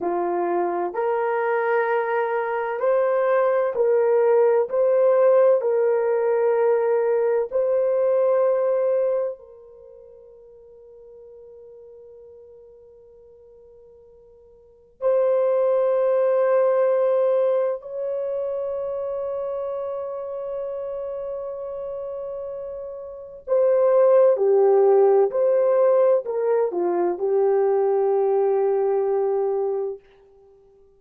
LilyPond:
\new Staff \with { instrumentName = "horn" } { \time 4/4 \tempo 4 = 64 f'4 ais'2 c''4 | ais'4 c''4 ais'2 | c''2 ais'2~ | ais'1 |
c''2. cis''4~ | cis''1~ | cis''4 c''4 g'4 c''4 | ais'8 f'8 g'2. | }